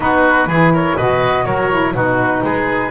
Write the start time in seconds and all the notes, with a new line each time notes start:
0.00 B3 D#4 F#4 B4
0.46 E3 E4 G#4
0.73 A#4 C#5
0.97 B2 F#4 B4 D#5
1.45 F#3 A#4 C#5
1.71 E4
1.94 B2 D#4 F#4 B4
2.43 G#3 G#4